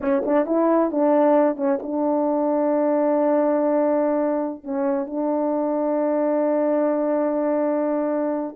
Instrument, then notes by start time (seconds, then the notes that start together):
horn
0.00 C#4
0.25 D4
0.46 E4
0.91 D4
1.56 C#4
1.82 D4
4.63 C#4
5.06 D4